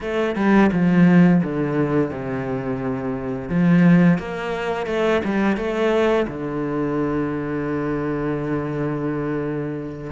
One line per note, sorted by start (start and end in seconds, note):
0.00 0.35 A3
0.35 0.70 G3
0.72 1.42 F3
1.43 2.11 D3
2.11 3.49 C3
3.49 4.18 F3
4.18 4.86 A#3
4.86 5.21 A3
5.24 5.57 G3
5.57 6.26 A3
6.27 10.11 D3